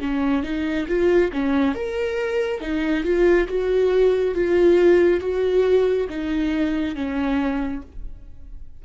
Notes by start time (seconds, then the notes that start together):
0.00 C#4
0.43 D#4
0.88 F4
1.33 C#4
1.75 A#4
2.60 D#4
3.04 F4
3.48 F#4
4.35 F4
5.21 F#4
6.09 D#4
6.95 C#4